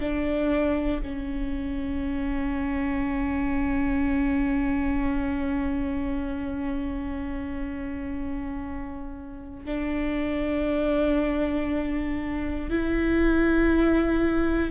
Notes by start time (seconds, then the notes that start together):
0.00 D4
1.03 C#4
9.65 D4
12.70 E4